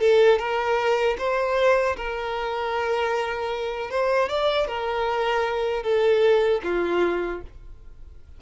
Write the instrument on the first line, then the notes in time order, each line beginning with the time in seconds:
violin
0.00 A4
0.39 A#4
1.18 C5
1.97 A#4
3.90 C5
4.29 D5
4.67 A#4
5.83 A4
6.63 F4